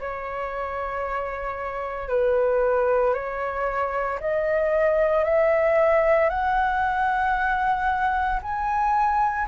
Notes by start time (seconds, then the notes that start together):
0.00 C#5
2.09 B4
3.14 C#5
4.21 D#5
5.25 E5
6.30 F#5
8.43 G#5